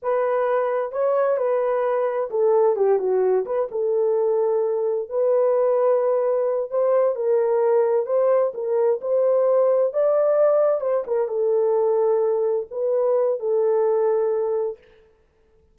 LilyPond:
\new Staff \with { instrumentName = "horn" } { \time 4/4 \tempo 4 = 130 b'2 cis''4 b'4~ | b'4 a'4 g'8 fis'4 b'8 | a'2. b'4~ | b'2~ b'8 c''4 ais'8~ |
ais'4. c''4 ais'4 c''8~ | c''4. d''2 c''8 | ais'8 a'2. b'8~ | b'4 a'2. | }